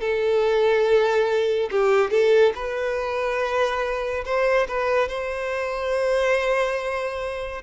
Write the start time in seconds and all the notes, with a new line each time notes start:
0.00 A4
1.70 G4
2.10 A4
2.55 B4
4.25 C5
4.68 B4
5.08 C5